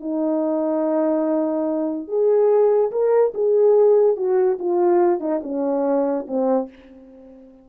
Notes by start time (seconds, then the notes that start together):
0.00 D#4
2.07 G#4
2.91 A#4
3.34 G#4
4.16 F#4
4.59 F4
5.20 D#4
5.43 C#4
6.27 C4